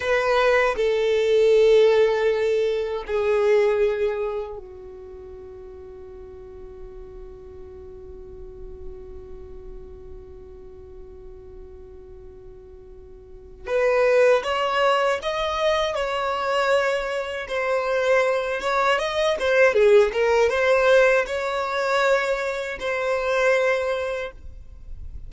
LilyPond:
\new Staff \with { instrumentName = "violin" } { \time 4/4 \tempo 4 = 79 b'4 a'2. | gis'2 fis'2~ | fis'1~ | fis'1~ |
fis'2 b'4 cis''4 | dis''4 cis''2 c''4~ | c''8 cis''8 dis''8 c''8 gis'8 ais'8 c''4 | cis''2 c''2 | }